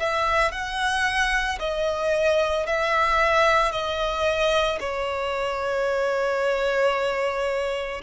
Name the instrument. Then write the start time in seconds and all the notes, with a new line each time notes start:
violin
0.00 E5
0.52 F#5
1.59 D#5
2.66 E5
3.72 D#5
4.80 C#5